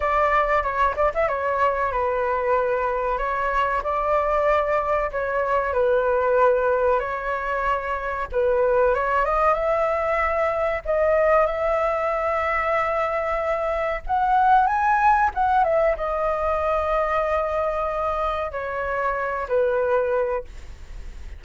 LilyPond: \new Staff \with { instrumentName = "flute" } { \time 4/4 \tempo 4 = 94 d''4 cis''8 d''16 e''16 cis''4 b'4~ | b'4 cis''4 d''2 | cis''4 b'2 cis''4~ | cis''4 b'4 cis''8 dis''8 e''4~ |
e''4 dis''4 e''2~ | e''2 fis''4 gis''4 | fis''8 e''8 dis''2.~ | dis''4 cis''4. b'4. | }